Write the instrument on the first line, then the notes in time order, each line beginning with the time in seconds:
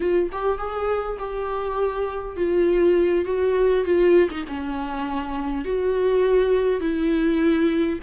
viola
0.00 F4
0.31 G4
0.58 G#4
1.19 G4
2.36 F4
3.25 F#4
3.84 F4
4.30 D#4
4.47 C#4
5.64 F#4
6.80 E4